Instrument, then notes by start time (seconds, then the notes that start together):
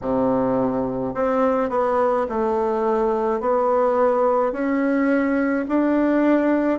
bassoon
0.01 C3
1.14 C4
1.69 B3
2.29 A3
3.40 B3
4.52 C#4
5.68 D4